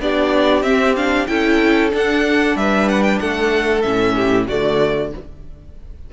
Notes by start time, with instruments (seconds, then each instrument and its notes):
0.00 cello B3, viola D4, violin G4 D5
0.63 cello C4, viola C4, violin E5
0.96 viola D4, violin F5
1.27 cello C#4, viola E4, violin A4 G5
1.91 viola D4, cello D4, violin F#5
2.56 cello G3, violin B4 E5
2.89 violin F#5
3.03 violin G5
3.20 cello A3, violin A4 F#5
3.82 cello A2, viola C#4, violin E5
4.16 violin G4
4.47 cello D3, viola A3, violin F#4 D5